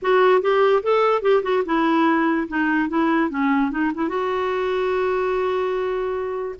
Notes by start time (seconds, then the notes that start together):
0.01 F#4
0.41 G4
0.82 A4
1.21 G4
1.42 F#4
1.65 E4
2.48 D#4
2.88 E4
3.30 C#4
3.71 D#4
3.94 E4
4.08 F#4